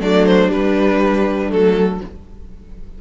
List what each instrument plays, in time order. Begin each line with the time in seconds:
0.00 cello F#3, viola A3, violin D4 D5
0.26 violin C5
0.48 viola G3, cello G3, violin B4
1.49 cello F#3, viola A3, violin A4